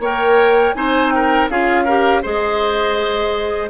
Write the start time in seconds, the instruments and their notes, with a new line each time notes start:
0.00 bassoon A#3, clarinet A#4, oboe C#5, flute G5
0.74 bassoon C4, clarinet D#4, oboe C5, flute G#5
1.11 oboe A#4, flute G5
1.50 bassoon C#4, clarinet F4, oboe G#4, flute F5
1.85 clarinet G4, oboe A#4
2.23 bassoon G#3, clarinet G#4, oboe C5, flute D#5